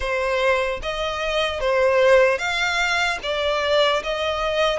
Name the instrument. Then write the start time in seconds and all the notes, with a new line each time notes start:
violin
0.00 C5
0.82 D#5
1.60 C5
2.38 F5
3.23 D5
4.03 D#5